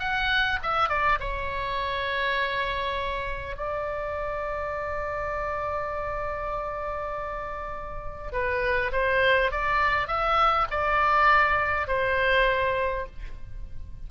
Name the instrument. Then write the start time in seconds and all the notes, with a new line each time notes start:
oboe
0.00 F#5
0.63 E5
0.89 D5
1.20 C#5
3.57 D5
8.32 B4
8.93 C5
9.52 D5
10.08 E5
10.71 D5
11.88 C5